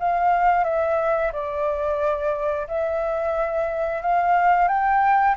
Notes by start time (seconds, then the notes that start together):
0.00 F5
0.65 E5
1.33 D5
2.68 E5
4.03 F5
4.68 G5